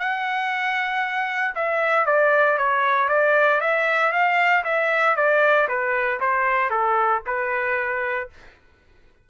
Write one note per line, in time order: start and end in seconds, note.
0.00 1.55 F#5
1.56 2.06 E5
2.06 2.58 D5
2.58 3.09 C#5
3.09 3.61 D5
3.61 4.13 E5
4.13 4.64 F5
4.65 5.17 E5
5.17 5.68 D5
5.69 6.20 B4
6.21 6.71 C5
6.71 7.22 A4
7.26 8.30 B4